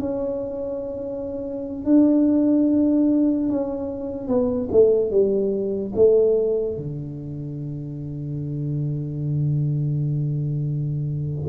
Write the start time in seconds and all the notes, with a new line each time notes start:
0.00 C#4
1.85 D4
3.49 C#4
4.28 B3
4.72 A3
5.10 G3
5.96 A3
6.77 D3